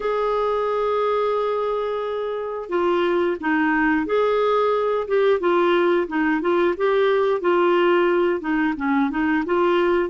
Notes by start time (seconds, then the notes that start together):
0.00 G#4
2.69 F4
3.40 D#4
4.06 G#4
5.07 G4
5.39 F4
6.07 D#4
6.41 F4
6.77 G4
7.41 F4
8.40 D#4
8.76 C#4
9.10 D#4
9.45 F4